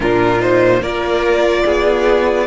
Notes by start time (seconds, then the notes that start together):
0.00 A#2 D4 F4 A#4
0.39 D#4 C5
0.81 A#3 F4 A#4 D5
1.65 B3 G#4